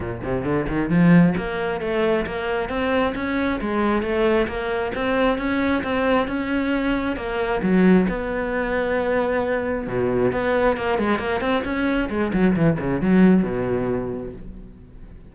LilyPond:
\new Staff \with { instrumentName = "cello" } { \time 4/4 \tempo 4 = 134 ais,8 c8 d8 dis8 f4 ais4 | a4 ais4 c'4 cis'4 | gis4 a4 ais4 c'4 | cis'4 c'4 cis'2 |
ais4 fis4 b2~ | b2 b,4 b4 | ais8 gis8 ais8 c'8 cis'4 gis8 fis8 | e8 cis8 fis4 b,2 | }